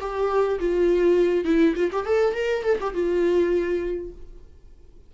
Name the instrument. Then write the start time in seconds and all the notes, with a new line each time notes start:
viola
0.00 G4
0.59 F4
1.44 E4
1.76 F4
1.92 G4
2.05 A4
2.34 A#4
2.63 A4
2.80 G4
2.94 F4